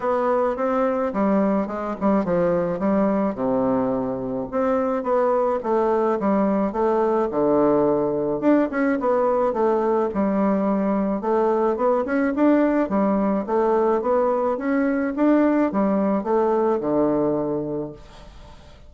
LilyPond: \new Staff \with { instrumentName = "bassoon" } { \time 4/4 \tempo 4 = 107 b4 c'4 g4 gis8 g8 | f4 g4 c2 | c'4 b4 a4 g4 | a4 d2 d'8 cis'8 |
b4 a4 g2 | a4 b8 cis'8 d'4 g4 | a4 b4 cis'4 d'4 | g4 a4 d2 | }